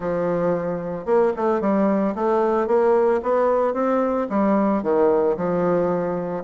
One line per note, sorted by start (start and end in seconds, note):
0.00 1.05 F3
1.05 1.32 A#3
1.36 1.60 A3
1.60 2.14 G3
2.15 2.67 A3
2.67 3.20 A#3
3.22 3.73 B3
3.73 4.27 C4
4.29 4.82 G3
4.82 5.36 D#3
5.36 6.44 F3